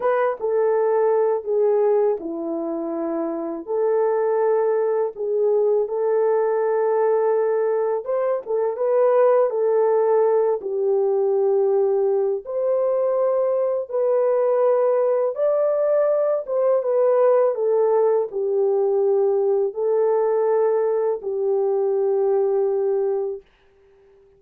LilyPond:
\new Staff \with { instrumentName = "horn" } { \time 4/4 \tempo 4 = 82 b'8 a'4. gis'4 e'4~ | e'4 a'2 gis'4 | a'2. c''8 a'8 | b'4 a'4. g'4.~ |
g'4 c''2 b'4~ | b'4 d''4. c''8 b'4 | a'4 g'2 a'4~ | a'4 g'2. | }